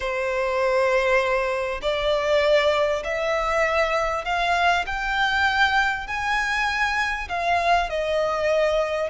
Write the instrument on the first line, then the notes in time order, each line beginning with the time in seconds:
violin
0.00 C5
1.82 D5
3.04 E5
4.24 F5
4.86 G5
6.07 G#5
7.28 F5
7.89 D#5